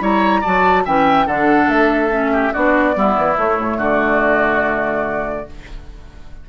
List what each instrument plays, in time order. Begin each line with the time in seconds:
0.00 bassoon G3, clarinet E4, oboe C#5, flute A#5
0.41 bassoon F#3, clarinet F#4, oboe D5, flute A5
0.85 bassoon E3, clarinet C#4, oboe E5, flute G5
1.26 bassoon D3, clarinet D4, oboe A4, flute F#5
1.68 bassoon A3, flute E5
2.10 clarinet C#4
2.32 oboe G4
2.53 bassoon B3, clarinet D4, oboe F#4, flute D5
2.94 bassoon G3, clarinet B3, oboe E4
3.17 bassoon E3
3.36 clarinet A3, bassoon A3, flute C#5
3.59 bassoon A2
3.77 bassoon D3, oboe F#4, flute D5